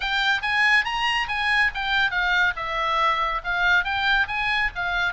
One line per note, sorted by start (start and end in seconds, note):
0.00 0.41 G5
0.41 0.84 G#5
0.84 1.27 A#5
1.28 1.70 G#5
1.74 2.10 G5
2.10 2.53 F5
2.56 3.41 E5
3.43 3.84 F5
3.84 4.27 G5
4.27 4.70 G#5
4.75 5.13 F5